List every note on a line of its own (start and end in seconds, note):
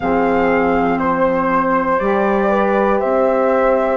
0.00 2.00 F3
0.00 1.99 C4
0.00 1.00 G#4
0.00 0.98 F5
0.98 1.98 C5
0.98 2.50 C5
1.98 3.00 G3
1.98 3.97 G4
1.98 2.98 D5
2.50 2.99 B4
2.99 3.97 C4
2.99 3.97 C5
2.99 3.97 E5